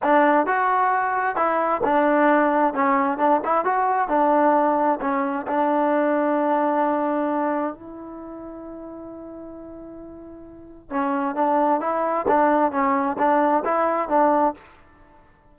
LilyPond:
\new Staff \with { instrumentName = "trombone" } { \time 4/4 \tempo 4 = 132 d'4 fis'2 e'4 | d'2 cis'4 d'8 e'8 | fis'4 d'2 cis'4 | d'1~ |
d'4 e'2.~ | e'1 | cis'4 d'4 e'4 d'4 | cis'4 d'4 e'4 d'4 | }